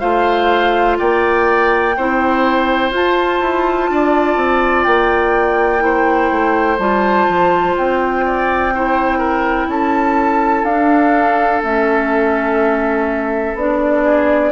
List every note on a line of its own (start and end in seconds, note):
0.00 0.99 A3
0.00 1.94 F4
0.00 0.98 C5
0.00 0.97 F5
0.99 1.97 A#3
0.99 1.96 D5
0.99 2.93 G5
1.97 2.91 C4
1.97 2.93 E4
1.97 3.91 C5
2.91 3.40 F4
2.91 5.80 F4
2.91 4.84 A5
3.41 3.90 E4
3.90 4.37 D4
3.90 5.84 D5
4.37 4.85 C4
4.84 6.32 A#3
4.84 6.77 G5
5.80 6.77 E4
5.80 8.26 C5
6.32 6.79 A3
6.79 7.27 G3
6.79 8.73 F4
6.79 7.76 A5
7.28 7.77 F3
7.78 9.68 C4
7.78 9.70 G5
8.26 8.74 D5
8.75 10.68 E4
8.75 9.19 C5
9.19 9.67 A#4
9.68 10.64 C#4
9.68 14.04 A4
9.68 10.65 A5
10.64 11.61 D4
10.64 11.64 D4
10.64 11.62 F5
11.63 13.55 A3
11.63 13.57 C#4
11.63 13.58 E5
13.55 14.52 B3
13.55 14.52 D4
13.55 14.52 D5
14.04 14.52 G#4